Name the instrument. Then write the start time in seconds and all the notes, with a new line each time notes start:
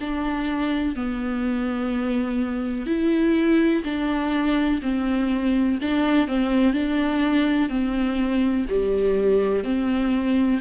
viola
0.00 D4
0.95 B3
2.86 E4
3.84 D4
4.81 C4
5.81 D4
6.27 C4
6.73 D4
7.68 C4
8.69 G3
9.64 C4